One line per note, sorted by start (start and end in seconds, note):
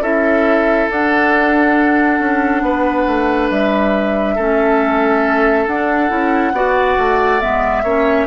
0.00 0.87 C#4
0.00 0.90 E4
0.00 2.62 A4
0.00 0.89 E5
0.90 2.20 D4
0.90 4.38 D4
0.90 3.49 F#5
2.20 2.61 C#4
2.61 3.05 B3
2.61 4.35 B4
3.07 3.50 A3
3.49 4.37 G3
3.49 5.66 E5
4.35 5.67 A3
4.35 5.69 C#4
4.35 6.53 A4
5.66 6.10 D4
5.66 6.09 D4
5.66 7.40 F#5
6.09 6.53 C#4
6.09 6.53 E4
6.53 6.96 B3
6.53 7.40 F#4
6.53 7.83 D5
6.98 7.41 A3
7.40 7.84 G#3
7.40 7.84 B3
7.40 8.27 E5
7.83 8.27 A#3
7.83 8.27 C#4
7.83 8.27 C#5